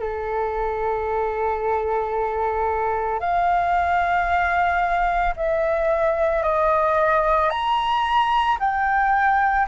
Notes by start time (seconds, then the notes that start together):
0.00 A4
3.20 F5
5.36 E5
6.43 D#5
7.50 A#5
8.60 G5